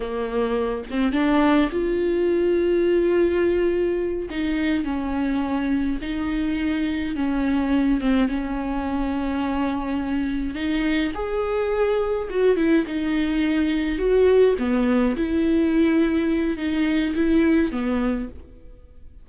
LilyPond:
\new Staff \with { instrumentName = "viola" } { \time 4/4 \tempo 4 = 105 ais4. c'8 d'4 f'4~ | f'2.~ f'8 dis'8~ | dis'8 cis'2 dis'4.~ | dis'8 cis'4. c'8 cis'4.~ |
cis'2~ cis'8 dis'4 gis'8~ | gis'4. fis'8 e'8 dis'4.~ | dis'8 fis'4 b4 e'4.~ | e'4 dis'4 e'4 b4 | }